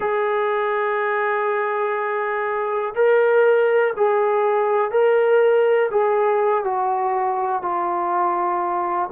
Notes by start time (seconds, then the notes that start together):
0.00 G#4
2.95 A#4
3.96 G#4
4.91 A#4
5.90 G#4
6.64 F#4
7.62 F4